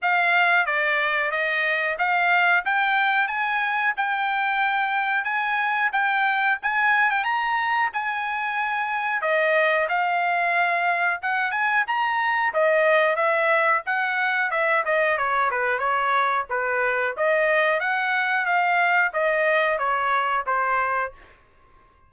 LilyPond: \new Staff \with { instrumentName = "trumpet" } { \time 4/4 \tempo 4 = 91 f''4 d''4 dis''4 f''4 | g''4 gis''4 g''2 | gis''4 g''4 gis''8. g''16 ais''4 | gis''2 dis''4 f''4~ |
f''4 fis''8 gis''8 ais''4 dis''4 | e''4 fis''4 e''8 dis''8 cis''8 b'8 | cis''4 b'4 dis''4 fis''4 | f''4 dis''4 cis''4 c''4 | }